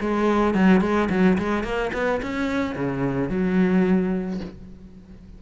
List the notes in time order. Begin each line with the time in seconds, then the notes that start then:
0.00 G#3
0.54 F#3
0.81 G#3
1.09 F#3
1.38 G#3
1.63 A#3
1.93 B3
2.22 C#4
2.75 C#3
3.29 F#3